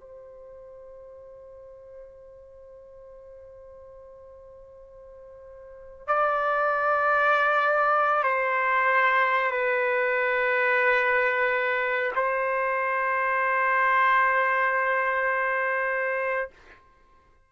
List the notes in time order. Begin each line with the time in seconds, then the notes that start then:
0.00 C5
6.07 D5
8.23 C5
9.51 B4
12.15 C5